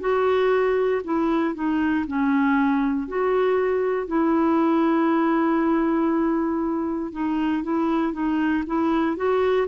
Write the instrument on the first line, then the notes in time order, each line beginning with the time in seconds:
clarinet
0.00 F#4
1.04 E4
1.54 D#4
2.07 C#4
3.08 F#4
4.07 E4
7.12 D#4
7.63 E4
8.13 D#4
8.66 E4
9.17 F#4